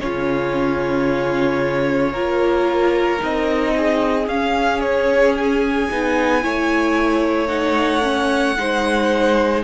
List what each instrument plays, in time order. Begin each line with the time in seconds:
0.00 cello C#3, viola C#4, violin F4 C#5
2.12 cello A#3, viola F4, violin A#4
3.19 cello C4, viola D#4, violin D#5
3.76 violin G#4
4.27 cello C#4, viola C#4, violin F5
4.80 violin C#5
5.37 violin G#5
5.91 cello B3, viola D#4
6.41 cello A3, viola E4, violin C#5
7.48 viola D#4, violin F#5
8.02 viola C#4
8.57 cello G#3, viola D#4, violin C5